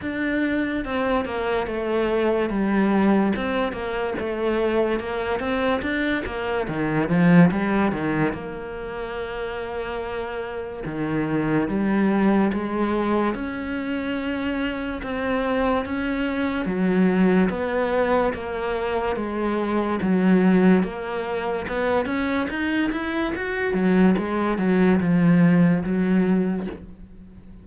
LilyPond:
\new Staff \with { instrumentName = "cello" } { \time 4/4 \tempo 4 = 72 d'4 c'8 ais8 a4 g4 | c'8 ais8 a4 ais8 c'8 d'8 ais8 | dis8 f8 g8 dis8 ais2~ | ais4 dis4 g4 gis4 |
cis'2 c'4 cis'4 | fis4 b4 ais4 gis4 | fis4 ais4 b8 cis'8 dis'8 e'8 | fis'8 fis8 gis8 fis8 f4 fis4 | }